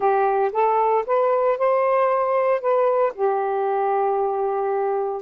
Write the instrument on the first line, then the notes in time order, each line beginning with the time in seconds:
saxophone
0.00 G4
0.52 A4
1.06 B4
1.58 C5
2.60 B4
3.14 G4